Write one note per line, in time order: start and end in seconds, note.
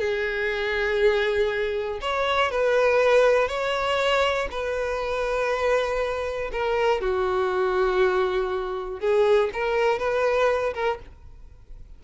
0.00 2.00 G#4
2.02 2.52 C#5
2.52 3.48 B4
3.48 4.48 C#5
4.51 6.51 B4
6.52 7.01 A#4
7.01 9.01 F#4
9.01 9.51 G#4
9.54 9.99 A#4
9.99 10.74 B4
10.75 11.00 A#4